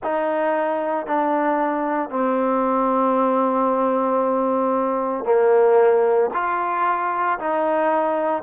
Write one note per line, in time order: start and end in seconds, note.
0.03 1.06 D#4
1.06 2.09 D4
2.09 5.24 C4
5.24 6.30 A#3
6.33 7.39 F4
7.39 8.43 D#4